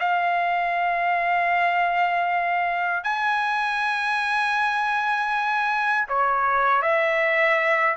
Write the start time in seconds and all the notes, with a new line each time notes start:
0.00 F5
3.04 G#5
6.09 C#5
6.82 E5